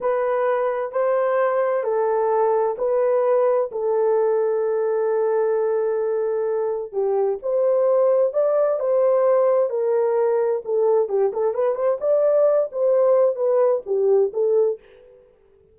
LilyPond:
\new Staff \with { instrumentName = "horn" } { \time 4/4 \tempo 4 = 130 b'2 c''2 | a'2 b'2 | a'1~ | a'2. g'4 |
c''2 d''4 c''4~ | c''4 ais'2 a'4 | g'8 a'8 b'8 c''8 d''4. c''8~ | c''4 b'4 g'4 a'4 | }